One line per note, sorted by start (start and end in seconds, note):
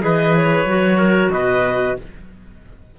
0.00 0.64 E3
0.00 0.65 G#4
0.00 0.98 B4
0.00 0.35 D#5
0.36 1.31 C#5
0.64 1.29 F#3
0.64 1.99 F#4
0.98 1.30 A#4
1.31 1.98 B2
1.31 1.98 B4
1.31 1.96 D#5